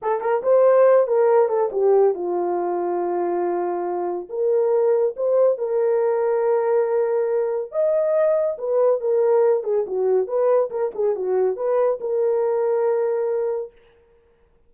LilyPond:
\new Staff \with { instrumentName = "horn" } { \time 4/4 \tempo 4 = 140 a'8 ais'8 c''4. ais'4 a'8 | g'4 f'2.~ | f'2 ais'2 | c''4 ais'2.~ |
ais'2 dis''2 | b'4 ais'4. gis'8 fis'4 | b'4 ais'8 gis'8 fis'4 b'4 | ais'1 | }